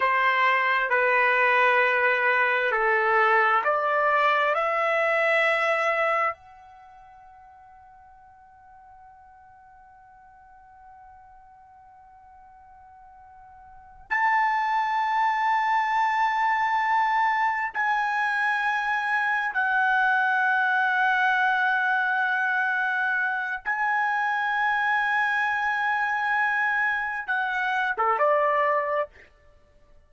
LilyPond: \new Staff \with { instrumentName = "trumpet" } { \time 4/4 \tempo 4 = 66 c''4 b'2 a'4 | d''4 e''2 fis''4~ | fis''1~ | fis''2.~ fis''8 a''8~ |
a''2.~ a''8 gis''8~ | gis''4. fis''2~ fis''8~ | fis''2 gis''2~ | gis''2 fis''8. a'16 d''4 | }